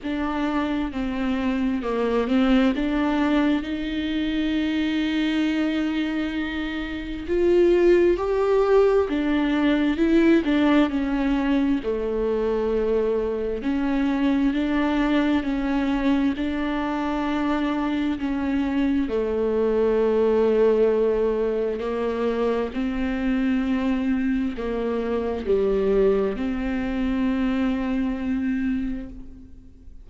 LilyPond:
\new Staff \with { instrumentName = "viola" } { \time 4/4 \tempo 4 = 66 d'4 c'4 ais8 c'8 d'4 | dis'1 | f'4 g'4 d'4 e'8 d'8 | cis'4 a2 cis'4 |
d'4 cis'4 d'2 | cis'4 a2. | ais4 c'2 ais4 | g4 c'2. | }